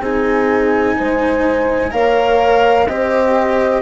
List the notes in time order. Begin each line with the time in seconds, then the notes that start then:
0.00 C4 D#4 G#4 G#5
0.97 G#3 C5
1.91 A#3 A#4 C#5 F5
2.87 C4 G4 C5 D#5